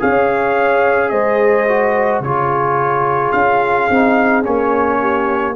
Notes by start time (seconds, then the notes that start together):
0.00 C#4 G#4 C#5 F5
1.10 G#3 C5 D#5
1.69 F#4
2.21 C#3 F4 G#4 C#5
3.33 C#4 F5
3.90 C4 D#4
4.44 A#3 C#4 C#5
5.01 G4